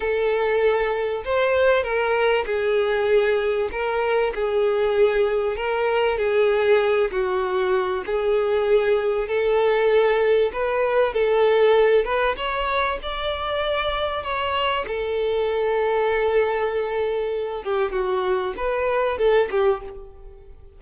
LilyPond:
\new Staff \with { instrumentName = "violin" } { \time 4/4 \tempo 4 = 97 a'2 c''4 ais'4 | gis'2 ais'4 gis'4~ | gis'4 ais'4 gis'4. fis'8~ | fis'4 gis'2 a'4~ |
a'4 b'4 a'4. b'8 | cis''4 d''2 cis''4 | a'1~ | a'8 g'8 fis'4 b'4 a'8 g'8 | }